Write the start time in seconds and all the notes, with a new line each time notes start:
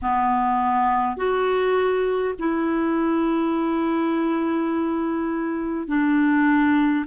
0.02 B3
1.17 F#4
2.39 E4
5.87 D4